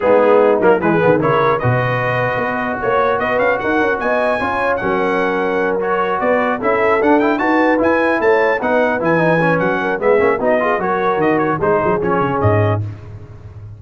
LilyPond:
<<
  \new Staff \with { instrumentName = "trumpet" } { \time 4/4 \tempo 4 = 150 gis'4. ais'8 b'4 cis''4 | dis''2. cis''4 | dis''8 f''8 fis''4 gis''2 | fis''2~ fis''8 cis''4 d''8~ |
d''8 e''4 fis''8 g''8 a''4 gis''8~ | gis''8 a''4 fis''4 gis''4. | fis''4 e''4 dis''4 cis''4 | dis''8 cis''8 c''4 cis''4 dis''4 | }
  \new Staff \with { instrumentName = "horn" } { \time 4/4 dis'2 gis'4 ais'4 | b'2. cis''4 | b'4 ais'4 dis''4 cis''4 | ais'2.~ ais'8 b'8~ |
b'8 a'2 b'4.~ | b'8 cis''4 b'2~ b'8~ | b'8 ais'8 gis'4 fis'8 gis'8 ais'4~ | ais'4 gis'2. | }
  \new Staff \with { instrumentName = "trombone" } { \time 4/4 b4. ais8 gis8 b8 e'4 | fis'1~ | fis'2. f'4 | cis'2~ cis'8 fis'4.~ |
fis'8 e'4 d'8 e'8 fis'4 e'8~ | e'4. dis'4 e'8 dis'8 cis'8~ | cis'4 b8 cis'8 dis'8 f'8 fis'4~ | fis'4 dis'4 cis'2 | }
  \new Staff \with { instrumentName = "tuba" } { \time 4/4 gis4. fis8 e8 dis8 cis4 | b,2 b4 ais4 | b8 cis'8 dis'8 cis'8 b4 cis'4 | fis2.~ fis8 b8~ |
b8 cis'4 d'4 dis'4 e'8~ | e'8 a4 b4 e4. | fis4 gis8 ais8 b4 fis4 | dis4 gis8 fis8 f8 cis8 gis,4 | }
>>